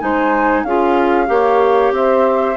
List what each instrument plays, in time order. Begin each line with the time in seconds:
0.00 bassoon G#3, clarinet D#4, saxophone C5, flute G#5
0.64 bassoon C#4, clarinet F4, saxophone G#4, flute F5
1.27 bassoon A#3, clarinet G4, saxophone C#5
1.92 bassoon C4, saxophone C5, flute E5